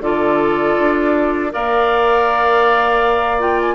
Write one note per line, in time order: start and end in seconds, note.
0.00 0.75 D3
0.00 1.51 F4
0.00 1.53 A4
0.00 1.51 D5
0.79 1.54 D4
1.51 3.75 A#3
1.51 3.38 A#4
1.51 3.75 D5
1.51 3.41 F5
3.39 3.75 F4
3.39 3.59 G5
3.60 3.75 G#5